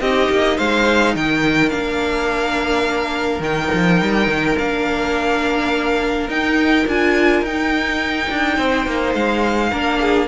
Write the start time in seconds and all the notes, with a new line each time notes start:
0.00 C4 D#4 G4 D#5
0.30 A#3
0.57 G#3 C5 F5
1.15 D#3 A#4 G5
1.69 A#3 D4 F5
3.40 D#3 D#4 G5
3.73 F3
4.02 G3
4.27 D#3
4.58 A#3 D4 F5
6.28 D#4 G5
6.87 D4 F4 G#5
7.42 D#4 G5
8.30 D4
8.57 C4 C5
8.86 A#3
9.14 G#3 F5
9.70 A#3 D4 A#4
10.00 G#4